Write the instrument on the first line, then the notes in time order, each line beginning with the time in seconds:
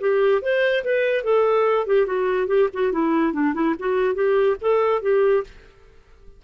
clarinet
0.00 G4
0.42 C5
0.84 B4
1.24 A4
1.87 G4
2.06 F#4
2.48 G4
2.73 F#4
2.92 E4
3.33 D4
3.54 E4
3.79 F#4
4.14 G4
4.61 A4
5.02 G4